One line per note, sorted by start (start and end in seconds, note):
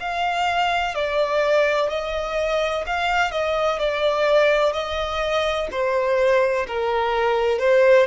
0.00 0.95 F5
0.95 1.90 D5
1.90 2.85 D#5
2.87 3.31 F5
3.31 3.79 D#5
3.79 4.73 D5
4.73 5.68 D#5
5.71 6.66 C5
6.68 7.59 A#4
7.59 8.06 C5